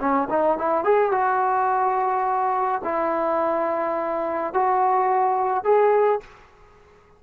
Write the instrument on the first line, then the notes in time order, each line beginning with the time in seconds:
trombone
0.00 C#4
0.30 D#4
0.58 E4
0.84 G#4
1.12 F#4
2.84 E4
4.54 F#4
5.64 G#4